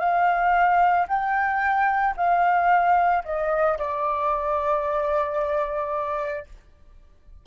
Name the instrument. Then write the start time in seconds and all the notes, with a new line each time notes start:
flute
0.00 F5
1.08 G5
2.17 F5
3.25 D#5
3.78 D5